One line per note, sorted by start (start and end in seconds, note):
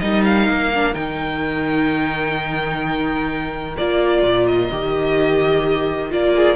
0.00 0.49 G3
0.00 0.72 D#4
0.00 6.34 A#4
0.00 0.23 D#5
0.25 0.95 F5
0.49 0.95 A#3
0.75 0.94 D4
0.94 3.77 D#3
0.94 3.75 D#4
0.94 3.76 G5
3.78 4.23 A#3
3.78 4.72 F4
3.78 4.48 D5
4.23 4.70 A#2
4.48 6.12 D#5
4.72 6.12 D#3
4.72 6.10 G4
6.10 6.57 A#3
6.10 6.57 F4
6.10 6.57 D5
6.36 6.57 G#4